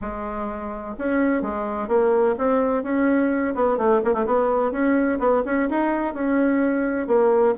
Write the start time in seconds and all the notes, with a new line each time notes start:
0.01 G#3
0.98 C#4
1.42 G#3
1.88 A#3
2.38 C4
2.83 C#4
3.54 B3
3.77 A3
4.04 A#3
4.13 A3
4.25 B3
4.71 C#4
5.19 B3
5.45 C#4
5.69 D#4
6.14 C#4
7.07 A#3